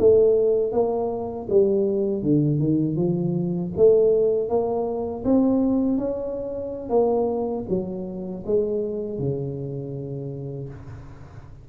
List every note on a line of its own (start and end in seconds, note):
0.00 0.73 A3
0.73 1.48 A#3
1.50 2.23 G3
2.23 2.59 D3
2.59 2.97 D#3
2.97 3.72 F3
3.77 4.49 A3
4.49 5.24 A#3
5.25 5.98 C4
5.98 6.90 C#4
6.90 7.65 A#3
7.69 8.44 F#3
8.46 9.19 G#3
9.19 10.69 C#3